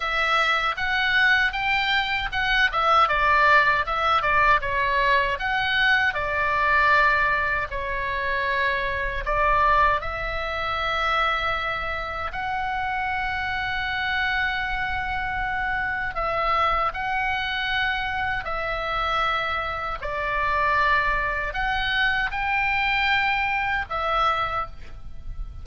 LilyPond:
\new Staff \with { instrumentName = "oboe" } { \time 4/4 \tempo 4 = 78 e''4 fis''4 g''4 fis''8 e''8 | d''4 e''8 d''8 cis''4 fis''4 | d''2 cis''2 | d''4 e''2. |
fis''1~ | fis''4 e''4 fis''2 | e''2 d''2 | fis''4 g''2 e''4 | }